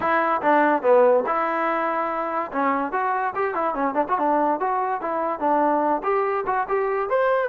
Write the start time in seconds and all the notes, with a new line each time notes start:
0.00 E4
0.41 D4
0.82 B3
1.26 E4
2.52 C#4
2.92 F#4
3.35 G4
3.54 E4
3.74 C#4
3.94 D4
4.08 F#4
4.18 D4
4.59 F#4
5.01 E4
5.39 D4
6.03 G4
6.46 F#4
6.68 G4
7.09 C5